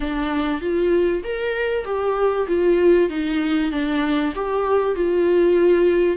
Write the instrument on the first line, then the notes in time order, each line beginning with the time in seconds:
viola
0.00 D4
0.61 F4
1.23 A#4
1.84 G4
2.47 F4
3.09 D#4
3.71 D4
4.35 G4
4.95 F4